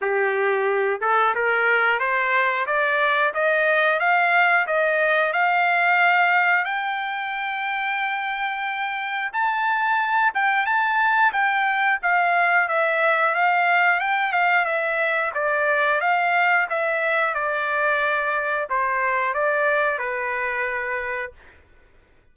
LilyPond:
\new Staff \with { instrumentName = "trumpet" } { \time 4/4 \tempo 4 = 90 g'4. a'8 ais'4 c''4 | d''4 dis''4 f''4 dis''4 | f''2 g''2~ | g''2 a''4. g''8 |
a''4 g''4 f''4 e''4 | f''4 g''8 f''8 e''4 d''4 | f''4 e''4 d''2 | c''4 d''4 b'2 | }